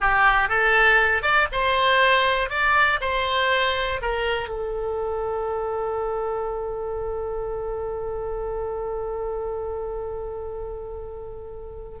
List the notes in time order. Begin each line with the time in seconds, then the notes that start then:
0.00 G4
0.48 A4
1.22 D5
1.52 C5
2.49 D5
3.00 C5
4.01 A#4
4.49 A4